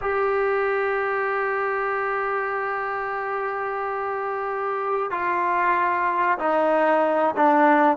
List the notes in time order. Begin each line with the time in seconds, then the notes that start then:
0.01 G4
5.11 F4
6.39 D#4
7.36 D4